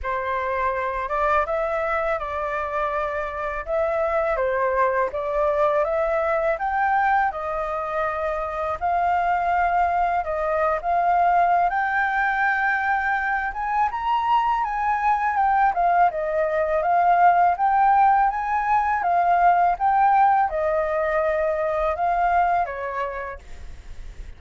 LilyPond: \new Staff \with { instrumentName = "flute" } { \time 4/4 \tempo 4 = 82 c''4. d''8 e''4 d''4~ | d''4 e''4 c''4 d''4 | e''4 g''4 dis''2 | f''2 dis''8. f''4~ f''16 |
g''2~ g''8 gis''8 ais''4 | gis''4 g''8 f''8 dis''4 f''4 | g''4 gis''4 f''4 g''4 | dis''2 f''4 cis''4 | }